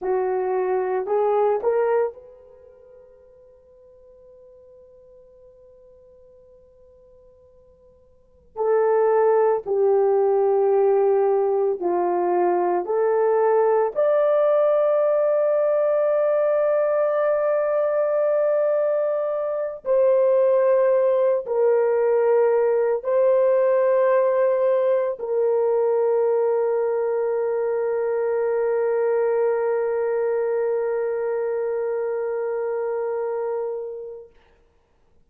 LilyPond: \new Staff \with { instrumentName = "horn" } { \time 4/4 \tempo 4 = 56 fis'4 gis'8 ais'8 b'2~ | b'1 | a'4 g'2 f'4 | a'4 d''2.~ |
d''2~ d''8 c''4. | ais'4. c''2 ais'8~ | ais'1~ | ais'1 | }